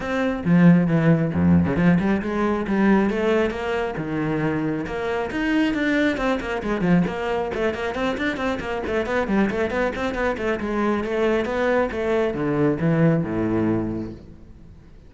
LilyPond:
\new Staff \with { instrumentName = "cello" } { \time 4/4 \tempo 4 = 136 c'4 f4 e4 f,8. cis16 | f8 g8 gis4 g4 a4 | ais4 dis2 ais4 | dis'4 d'4 c'8 ais8 gis8 f8 |
ais4 a8 ais8 c'8 d'8 c'8 ais8 | a8 b8 g8 a8 b8 c'8 b8 a8 | gis4 a4 b4 a4 | d4 e4 a,2 | }